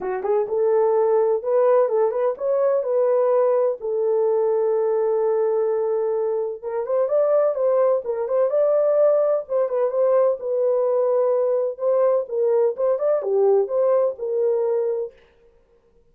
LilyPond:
\new Staff \with { instrumentName = "horn" } { \time 4/4 \tempo 4 = 127 fis'8 gis'8 a'2 b'4 | a'8 b'8 cis''4 b'2 | a'1~ | a'2 ais'8 c''8 d''4 |
c''4 ais'8 c''8 d''2 | c''8 b'8 c''4 b'2~ | b'4 c''4 ais'4 c''8 d''8 | g'4 c''4 ais'2 | }